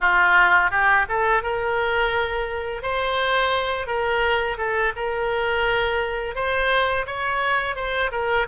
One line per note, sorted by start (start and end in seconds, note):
0.00 0.70 F4
0.70 1.06 G4
1.08 1.42 A4
1.42 2.82 A#4
2.82 3.86 C5
3.86 4.57 A#4
4.57 4.93 A4
4.95 6.35 A#4
6.35 7.06 C5
7.06 7.75 C#5
7.75 8.10 C5
8.11 8.46 A#4